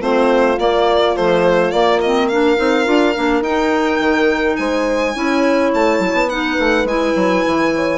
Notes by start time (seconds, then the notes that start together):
0.00 A3 C4 F4 C5
0.58 A#3 D5
1.15 F3 A3 C5
1.71 A#3 D5
2.00 C4 D#5
2.27 D4 A#4 F5
2.56 C4 D#4
2.85 D4 F4
3.15 A#3 D4
3.41 D#4 G5
3.99 D#3
4.56 G#3 C5 G#5
5.14 C#4 E4 C#5
5.74 A3 A5
5.99 F#3
6.13 B3
6.29 D#4 B4 F#5
6.59 A3
6.84 G#3 E4 G#5
7.15 F#3
7.46 E3
7.75 C#5